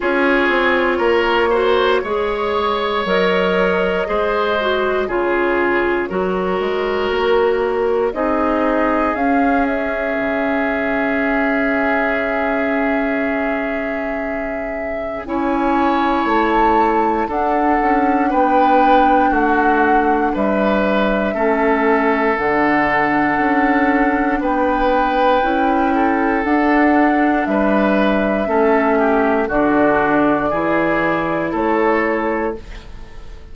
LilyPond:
<<
  \new Staff \with { instrumentName = "flute" } { \time 4/4 \tempo 4 = 59 cis''2. dis''4~ | dis''4 cis''2. | dis''4 f''8 e''2~ e''8~ | e''2. gis''4 |
a''4 fis''4 g''4 fis''4 | e''2 fis''2 | g''2 fis''4 e''4~ | e''4 d''2 cis''4 | }
  \new Staff \with { instrumentName = "oboe" } { \time 4/4 gis'4 ais'8 c''8 cis''2 | c''4 gis'4 ais'2 | gis'1~ | gis'2. cis''4~ |
cis''4 a'4 b'4 fis'4 | b'4 a'2. | b'4. a'4. b'4 | a'8 g'8 fis'4 gis'4 a'4 | }
  \new Staff \with { instrumentName = "clarinet" } { \time 4/4 f'4. fis'8 gis'4 ais'4 | gis'8 fis'8 f'4 fis'2 | dis'4 cis'2.~ | cis'2. e'4~ |
e'4 d'2.~ | d'4 cis'4 d'2~ | d'4 e'4 d'2 | cis'4 d'4 e'2 | }
  \new Staff \with { instrumentName = "bassoon" } { \time 4/4 cis'8 c'8 ais4 gis4 fis4 | gis4 cis4 fis8 gis8 ais4 | c'4 cis'4 cis2~ | cis2. cis'4 |
a4 d'8 cis'8 b4 a4 | g4 a4 d4 cis'4 | b4 cis'4 d'4 g4 | a4 d4 e4 a4 | }
>>